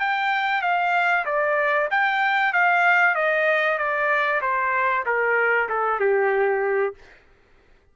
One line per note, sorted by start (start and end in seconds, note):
0.00 0.62 G5
0.62 1.25 F5
1.25 1.89 D5
1.91 2.53 G5
2.53 3.15 F5
3.15 3.78 D#5
3.78 4.41 D5
4.42 5.05 C5
5.06 5.69 A#4
5.69 6.00 A4
6.00 6.95 G4